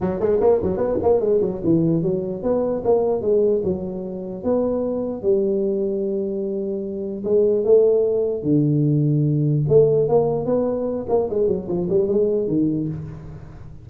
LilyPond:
\new Staff \with { instrumentName = "tuba" } { \time 4/4 \tempo 4 = 149 fis8 gis8 ais8 fis8 b8 ais8 gis8 fis8 | e4 fis4 b4 ais4 | gis4 fis2 b4~ | b4 g2.~ |
g2 gis4 a4~ | a4 d2. | a4 ais4 b4. ais8 | gis8 fis8 f8 g8 gis4 dis4 | }